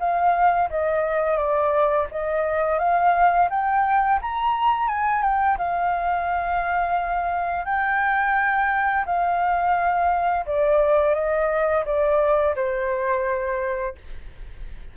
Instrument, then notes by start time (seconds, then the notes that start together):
flute
0.00 F5
0.70 D#5
1.38 D5
2.12 D#5
2.79 F5
3.50 G5
4.22 A#5
4.88 G#5
5.23 G5
5.58 F5
7.66 G5
9.06 F5
10.47 D5
11.15 D#5
11.86 D5
12.56 C5